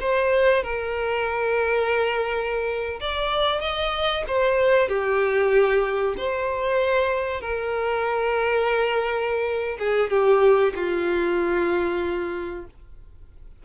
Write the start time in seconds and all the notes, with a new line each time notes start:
0.00 C5
0.63 A#4
3.00 D5
3.60 D#5
4.27 C5
4.88 G4
6.17 C5
7.41 A#4
9.78 G#4
10.10 G4
10.75 F4